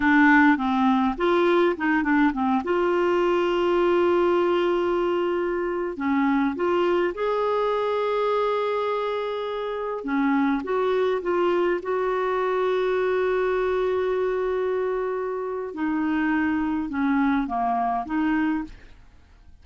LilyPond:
\new Staff \with { instrumentName = "clarinet" } { \time 4/4 \tempo 4 = 103 d'4 c'4 f'4 dis'8 d'8 | c'8 f'2.~ f'8~ | f'2~ f'16 cis'4 f'8.~ | f'16 gis'2.~ gis'8.~ |
gis'4~ gis'16 cis'4 fis'4 f'8.~ | f'16 fis'2.~ fis'8.~ | fis'2. dis'4~ | dis'4 cis'4 ais4 dis'4 | }